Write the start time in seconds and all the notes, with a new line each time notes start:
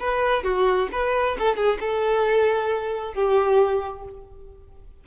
0.00 B4
0.44 F#4
0.93 B4
1.39 A4
1.56 G#4
1.81 A4
3.14 G4